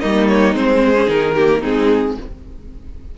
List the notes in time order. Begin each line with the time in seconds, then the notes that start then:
0.00 G3 A#3 D#4 D#5
0.28 C#5
0.53 G#3 C4 C5
0.85 G#4
0.95 C#4
1.07 D#3 D#4 A#4
1.34 A#3 G4
1.61 G#3 C4 D#4 G#4